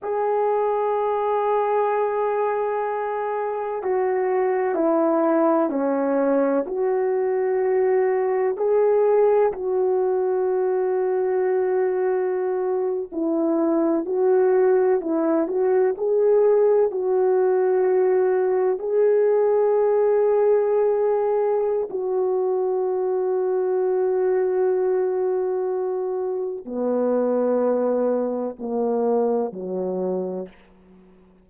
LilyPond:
\new Staff \with { instrumentName = "horn" } { \time 4/4 \tempo 4 = 63 gis'1 | fis'4 e'4 cis'4 fis'4~ | fis'4 gis'4 fis'2~ | fis'4.~ fis'16 e'4 fis'4 e'16~ |
e'16 fis'8 gis'4 fis'2 gis'16~ | gis'2. fis'4~ | fis'1 | b2 ais4 fis4 | }